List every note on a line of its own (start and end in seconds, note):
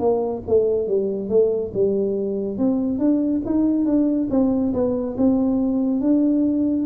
0.00 0.43 A#3
0.48 0.88 A3
0.88 1.29 G3
1.29 1.72 A3
1.74 2.58 G3
2.58 2.99 C4
2.99 3.42 D4
3.46 3.86 D#4
3.86 4.29 D4
4.31 4.73 C4
4.74 5.17 B3
5.18 6.01 C4
6.01 6.86 D4